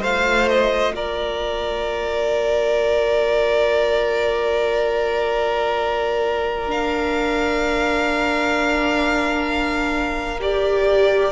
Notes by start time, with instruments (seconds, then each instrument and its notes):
0.00 cello A3, viola F4, violin C5 F5
0.48 violin D#5
0.92 cello A#3, violin A#4 D5
6.67 viola D4, violin F5
10.39 viola G4, violin D5